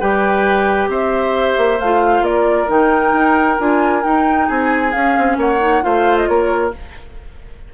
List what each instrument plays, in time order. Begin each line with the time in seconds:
0.00 bassoon G3, clarinet G4, oboe B4, flute G5
0.89 bassoon C4, oboe C5, flute E5
1.58 bassoon A#3
1.80 bassoon A3, clarinet F4, flute F5
2.21 bassoon A#3, oboe A#4, flute D5
2.67 bassoon D#3, clarinet D#4, flute G5
3.13 bassoon D#4
3.59 bassoon D4, clarinet F4, flute G#5
4.03 clarinet D#4, bassoon D#4, flute G5
4.48 bassoon C4, oboe G#4, flute G#5
4.92 clarinet C#4, bassoon C#4, flute F5
5.18 bassoon C4
5.37 bassoon A#3, oboe C#5, flute F#5
5.60 clarinet D#4
5.82 bassoon A3, clarinet F4, oboe C5, flute F5
6.17 flute D#5
6.28 bassoon A#3, oboe A#4, flute C#5